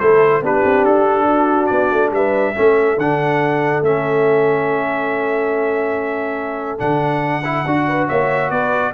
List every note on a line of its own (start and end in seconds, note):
0.00 0.41 A3
0.00 0.43 E4
0.00 0.43 A4
0.00 0.43 C5
0.41 0.63 B3
0.41 2.55 D4
0.41 1.27 G4
0.41 0.85 B4
0.64 0.85 C4
0.85 1.70 D4
0.85 1.66 A4
1.27 2.12 F#4
1.66 1.91 B3
1.66 2.09 D5
1.91 2.12 A3
2.12 2.54 G3
2.12 2.55 B4
2.12 2.99 E5
2.55 2.98 A3
2.55 2.98 C#4
2.55 7.87 A4
2.98 3.82 D3
2.98 3.84 D4
2.98 3.84 F#5
3.82 6.79 A3
3.82 6.79 C#4
3.82 6.80 E5
6.79 7.66 D3
6.79 7.42 D4
6.79 8.07 F#5
7.44 7.66 E4
7.66 8.08 D4
7.66 8.94 F#4
7.87 8.09 B4
8.08 8.50 A#3
8.08 8.51 C#5
8.08 8.50 E5
8.50 8.93 B3
8.50 8.94 B4
8.50 8.93 D5